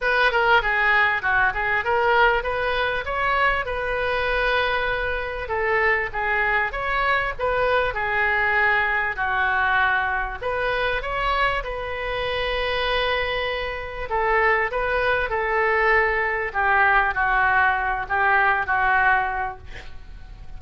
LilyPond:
\new Staff \with { instrumentName = "oboe" } { \time 4/4 \tempo 4 = 98 b'8 ais'8 gis'4 fis'8 gis'8 ais'4 | b'4 cis''4 b'2~ | b'4 a'4 gis'4 cis''4 | b'4 gis'2 fis'4~ |
fis'4 b'4 cis''4 b'4~ | b'2. a'4 | b'4 a'2 g'4 | fis'4. g'4 fis'4. | }